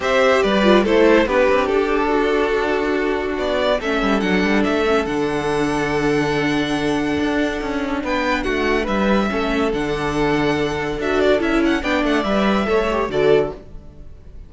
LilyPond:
<<
  \new Staff \with { instrumentName = "violin" } { \time 4/4 \tempo 4 = 142 e''4 d''4 c''4 b'4 | a'1 | d''4 e''4 fis''4 e''4 | fis''1~ |
fis''2. g''4 | fis''4 e''2 fis''4~ | fis''2 e''8 d''8 e''8 fis''8 | g''8 fis''8 e''2 d''4 | }
  \new Staff \with { instrumentName = "violin" } { \time 4/4 c''4 b'4 a'4 g'4~ | g'4 fis'2.~ | fis'4 a'2.~ | a'1~ |
a'2. b'4 | fis'4 b'4 a'2~ | a'1 | d''2 cis''4 a'4 | }
  \new Staff \with { instrumentName = "viola" } { \time 4/4 g'4. f'8 e'4 d'4~ | d'1~ | d'4 cis'4 d'4. cis'8 | d'1~ |
d'1~ | d'2 cis'4 d'4~ | d'2 fis'4 e'4 | d'4 b'4 a'8 g'8 fis'4 | }
  \new Staff \with { instrumentName = "cello" } { \time 4/4 c'4 g4 a4 b8 c'8 | d'1 | b4 a8 g8 fis8 g8 a4 | d1~ |
d4 d'4 cis'4 b4 | a4 g4 a4 d4~ | d2 d'4 cis'4 | b8 a8 g4 a4 d4 | }
>>